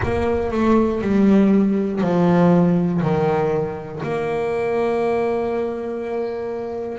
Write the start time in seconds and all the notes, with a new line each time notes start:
0.02 A#3
0.51 A3
1.01 G3
2.00 F3
3.01 D#3
4.03 A#3